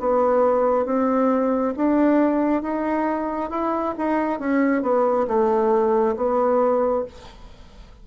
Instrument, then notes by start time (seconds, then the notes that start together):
bassoon
0.00 B3
0.85 C4
1.76 D4
2.62 D#4
3.51 E4
3.98 D#4
4.40 C#4
4.82 B3
5.28 A3
6.16 B3